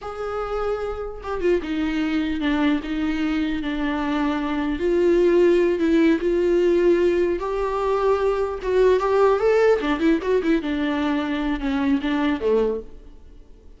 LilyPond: \new Staff \with { instrumentName = "viola" } { \time 4/4 \tempo 4 = 150 gis'2. g'8 f'8 | dis'2 d'4 dis'4~ | dis'4 d'2. | f'2~ f'8 e'4 f'8~ |
f'2~ f'8 g'4.~ | g'4. fis'4 g'4 a'8~ | a'8 d'8 e'8 fis'8 e'8 d'4.~ | d'4 cis'4 d'4 a4 | }